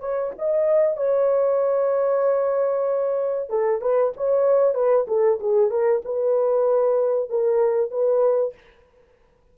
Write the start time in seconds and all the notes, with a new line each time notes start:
0.00 C#5
0.38 D#5
0.97 C#5
3.50 A4
3.82 B4
4.17 C#5
4.75 B4
5.08 A4
5.40 G#4
5.71 A#4
6.05 B4
7.30 A#4
7.91 B4